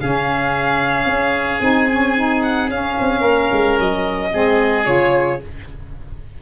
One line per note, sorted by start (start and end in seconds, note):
0.00 1.06 C#3
0.00 1.62 C#4
0.00 3.20 G#4
0.00 1.61 F5
1.06 1.60 C#4
1.61 2.68 C4
1.61 1.89 D#4
1.61 2.42 G#5
1.90 2.16 C#4
2.16 2.69 D#4
2.42 2.69 F#5
2.68 2.95 C#4
2.68 4.31 C#4
2.68 3.79 F5
3.00 3.21 C4
3.20 3.48 A#3
3.20 4.29 A#4
3.52 3.79 G#3
3.79 4.33 F#3
3.79 4.86 D#5
4.31 4.87 G#3
4.31 4.85 C4
4.31 5.42 G#4
4.85 5.41 C#3
4.85 5.39 F4
4.85 5.40 C#5